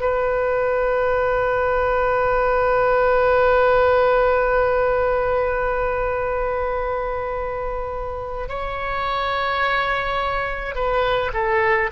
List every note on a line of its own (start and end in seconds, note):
0.00 8.49 B4
8.49 10.75 C#5
10.75 11.32 B4
11.34 11.90 A4